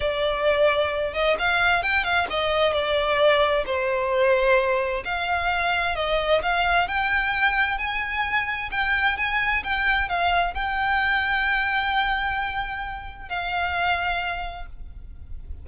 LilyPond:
\new Staff \with { instrumentName = "violin" } { \time 4/4 \tempo 4 = 131 d''2~ d''8 dis''8 f''4 | g''8 f''8 dis''4 d''2 | c''2. f''4~ | f''4 dis''4 f''4 g''4~ |
g''4 gis''2 g''4 | gis''4 g''4 f''4 g''4~ | g''1~ | g''4 f''2. | }